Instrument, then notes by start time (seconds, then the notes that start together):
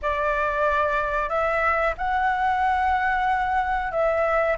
flute
0.02 D5
1.29 E5
1.97 F#5
3.91 E5